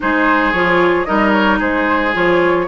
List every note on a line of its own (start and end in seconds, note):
0.00 0.52 G#3
0.00 0.53 D#4
0.00 1.07 G#4
0.00 0.52 C5
0.52 1.06 F3
0.52 1.06 F4
0.52 1.04 C#5
1.04 1.60 G3
1.04 2.13 D#4
1.04 1.58 A#4
1.04 1.31 D#5
1.32 1.58 C#5
1.58 2.14 G#3
1.58 2.66 G#4
1.58 2.14 C5
2.13 2.67 F3
2.13 2.66 F4
2.13 2.67 C#5